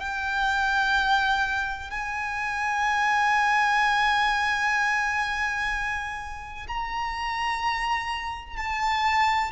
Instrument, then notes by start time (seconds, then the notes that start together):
violin
0.00 G5
1.90 G#5
6.68 A#5
8.57 A5